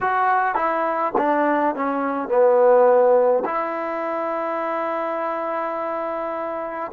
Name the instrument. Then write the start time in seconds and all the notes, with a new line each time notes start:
trombone
0.00 F#4
0.55 E4
1.17 D4
1.75 C#4
2.28 B3
3.45 E4